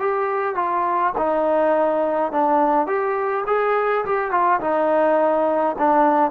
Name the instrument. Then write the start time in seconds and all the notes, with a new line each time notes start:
trombone
0.00 G4
0.56 F4
1.18 D#4
2.32 D4
2.87 G4
3.47 G#4
4.05 G4
4.32 F4
4.61 D#4
5.79 D4